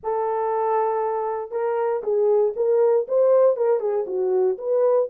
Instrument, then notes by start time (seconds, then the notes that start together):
horn
0.03 A4
1.51 A#4
2.03 G#4
2.55 A#4
3.07 C5
3.56 A#4
3.80 G#4
4.06 F#4
4.58 B4